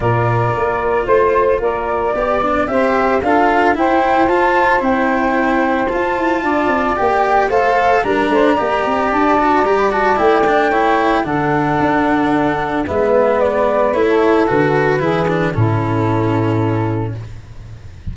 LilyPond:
<<
  \new Staff \with { instrumentName = "flute" } { \time 4/4 \tempo 4 = 112 d''2 c''4 d''4~ | d''4 e''4 f''4 g''4 | a''4 g''2 a''4~ | a''4 g''4 f''4 ais''4~ |
ais''4 a''4 ais''16 b''16 a''8 g''4~ | g''4 fis''2. | e''4 d''4 cis''4 b'4~ | b'4 a'2. | }
  \new Staff \with { instrumentName = "saxophone" } { \time 4/4 ais'2 c''4 ais'4 | d''4 c''4 a'4 c''4~ | c''1 | d''2 c''4 ais'8 c''8 |
d''1 | cis''4 a'2. | b'2~ b'16 a'4.~ a'16 | gis'4 e'2. | }
  \new Staff \with { instrumentName = "cello" } { \time 4/4 f'1 | g'8 d'8 g'4 f'4 e'4 | f'4 e'2 f'4~ | f'4 g'4 a'4 d'4 |
g'4. fis'8 g'8 fis'8 e'8 d'8 | e'4 d'2. | b2 e'4 fis'4 | e'8 d'8 cis'2. | }
  \new Staff \with { instrumentName = "tuba" } { \time 4/4 ais,4 ais4 a4 ais4 | b4 c'4 d'4 e'4 | f'4 c'2 f'8 e'8 | d'8 c'8 ais4 a4 g8 a8 |
ais8 c'8 d'4 g4 a4~ | a4 d4 d'2 | gis2 a4 d4 | e4 a,2. | }
>>